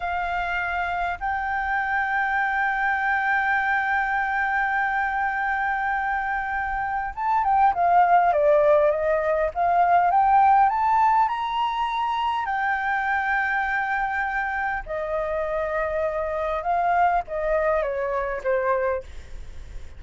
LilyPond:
\new Staff \with { instrumentName = "flute" } { \time 4/4 \tempo 4 = 101 f''2 g''2~ | g''1~ | g''1 | a''8 g''8 f''4 d''4 dis''4 |
f''4 g''4 a''4 ais''4~ | ais''4 g''2.~ | g''4 dis''2. | f''4 dis''4 cis''4 c''4 | }